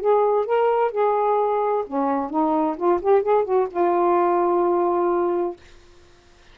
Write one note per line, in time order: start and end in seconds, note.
0.00 0.45 G#4
0.45 0.91 A#4
0.91 1.84 G#4
1.87 2.30 C#4
2.30 2.76 D#4
2.77 3.00 F4
3.01 3.22 G4
3.22 3.44 G#4
3.44 3.67 F#4
3.70 5.56 F4